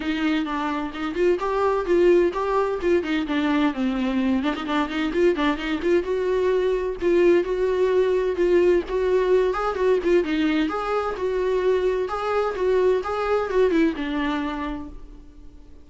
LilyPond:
\new Staff \with { instrumentName = "viola" } { \time 4/4 \tempo 4 = 129 dis'4 d'4 dis'8 f'8 g'4 | f'4 g'4 f'8 dis'8 d'4 | c'4. d'16 dis'16 d'8 dis'8 f'8 d'8 | dis'8 f'8 fis'2 f'4 |
fis'2 f'4 fis'4~ | fis'8 gis'8 fis'8 f'8 dis'4 gis'4 | fis'2 gis'4 fis'4 | gis'4 fis'8 e'8 d'2 | }